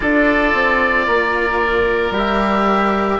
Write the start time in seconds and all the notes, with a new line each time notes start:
0.00 D4 F4 A4 D5
0.53 C4
1.07 A#3 A#4
2.10 G3 G4
2.17 E5